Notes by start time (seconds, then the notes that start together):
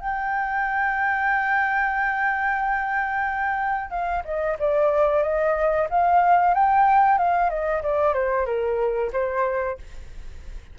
0.00 G5
3.90 F5
4.24 D#5
4.59 D5
5.23 D#5
5.90 F5
6.54 G5
7.18 F5
7.50 D#5
7.82 D5
8.14 C5
8.46 A#4
9.12 C5